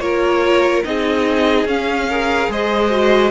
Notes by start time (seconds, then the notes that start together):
0.00 A#3 F4 A#4 C#5
0.85 C4 D#4 G#4 D#5
1.65 C#4 F5
2.09 G#4 A#4
2.49 G#3 C5 D#5
2.90 F#4